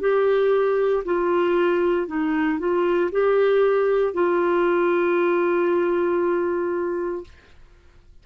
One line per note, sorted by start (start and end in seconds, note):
0.00 1.03 G4
1.05 2.07 F4
2.07 2.59 D#4
2.59 3.10 F4
3.11 4.14 G4
4.14 7.24 F4